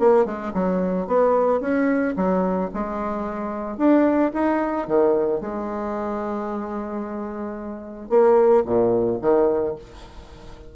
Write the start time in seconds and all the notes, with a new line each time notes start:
0.00 A#3
0.26 G#3
0.54 F#3
1.07 B3
1.61 C#4
2.17 F#3
2.74 G#3
3.78 D4
4.34 D#4
4.88 D#3
5.41 G#3
8.10 A#3
8.66 A#2
9.22 D#3